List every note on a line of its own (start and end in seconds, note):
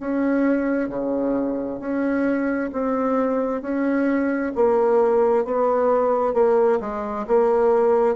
0.00 0.89 C#4
0.89 1.79 C#3
1.79 2.70 C#4
2.72 3.61 C4
3.61 4.52 C#4
4.55 5.45 A#3
5.45 6.33 B3
6.33 6.79 A#3
6.81 7.26 G#3
7.27 8.16 A#3